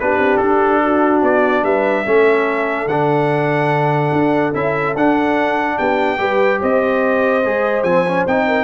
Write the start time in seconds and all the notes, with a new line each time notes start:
0.00 B3 D4 G4 B4
0.19 C4
0.37 D4 A4
0.83 F#4
1.22 B3 D5
1.63 G3 B4 E5
2.06 A3 C#4 A4
2.87 D3 D4 F#5
4.13 D4
4.54 C#4 E4 E5
4.96 D4 F#5
5.78 B3 G4 G5
6.18 G3 G4 B4
6.61 C4 C5 D#5
7.45 G#3 G#4
7.84 F3 C4 G#5
8.08 C#4
8.27 C4 D#4 G5
8.47 A#4